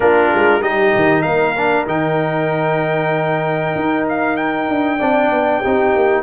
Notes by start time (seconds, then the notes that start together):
0.00 A#3 D4 F4 A#4
0.34 G#3
0.61 G3 D#4 G4 D#5
0.95 D#3
1.21 A#3 A#4 F5
1.57 D4
1.87 D#3 D#4 G5
3.75 D#4
4.08 F5
4.36 G5
4.68 D4
4.98 C4 D4 D5
5.30 B3
5.60 C4 D#4 G4
5.96 A#3